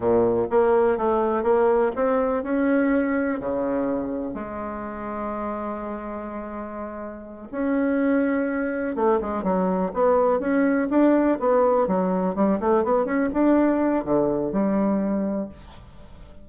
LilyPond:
\new Staff \with { instrumentName = "bassoon" } { \time 4/4 \tempo 4 = 124 ais,4 ais4 a4 ais4 | c'4 cis'2 cis4~ | cis4 gis2.~ | gis2.~ gis8 cis'8~ |
cis'2~ cis'8 a8 gis8 fis8~ | fis8 b4 cis'4 d'4 b8~ | b8 fis4 g8 a8 b8 cis'8 d'8~ | d'4 d4 g2 | }